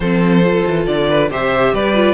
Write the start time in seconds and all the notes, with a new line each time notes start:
0.00 F3 C4 A4 C5
0.43 F4
0.67 E3
0.86 D3 D5
1.08 B4
1.29 C3 G4 C5 E5
1.73 G3 B4 D5
1.94 F4